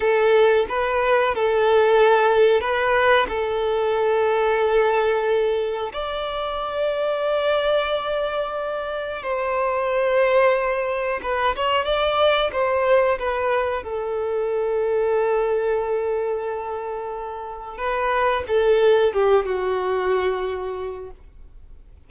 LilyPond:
\new Staff \with { instrumentName = "violin" } { \time 4/4 \tempo 4 = 91 a'4 b'4 a'2 | b'4 a'2.~ | a'4 d''2.~ | d''2 c''2~ |
c''4 b'8 cis''8 d''4 c''4 | b'4 a'2.~ | a'2. b'4 | a'4 g'8 fis'2~ fis'8 | }